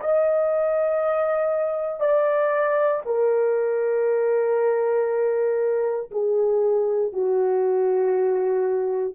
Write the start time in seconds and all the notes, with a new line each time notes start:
0.00 D#5
2.00 D5
3.05 A#4
6.11 G#4
7.12 F#4